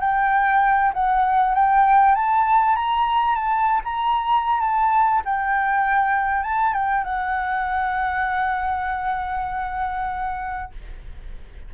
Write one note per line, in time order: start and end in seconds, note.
0.00 0.92 G5
0.93 1.54 F#5
1.54 2.15 G5
2.15 2.76 A5
2.76 3.35 A#5
3.35 3.81 A5
3.84 4.60 A#5
4.60 5.22 A5
5.25 6.43 G5
6.43 6.73 A5
6.73 7.04 G5
7.04 10.71 F#5